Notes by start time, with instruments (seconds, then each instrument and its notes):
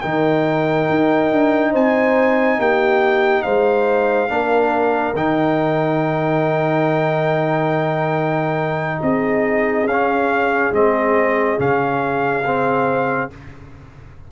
0.00 tuba D#3, trombone D#4, horn A#4, trumpet G5
0.89 tuba D#4
1.32 tuba D4
1.71 tuba C4, horn C5, trumpet G#5
2.58 tuba A#3, horn G4, trumpet G5
3.42 tuba G#3, horn C5, trumpet F5
4.29 tuba A#3, trombone D4, horn A#4
5.13 tuba D#3, trombone D#4, trumpet G5
9.02 tuba C4, horn G#4, trumpet D#5
9.85 tuba C#4, trombone C#4, trumpet F5
10.72 tuba G#3, trombone C4, trumpet D#5
11.58 tuba C#3, trombone C#4, trumpet F5
12.45 trombone C4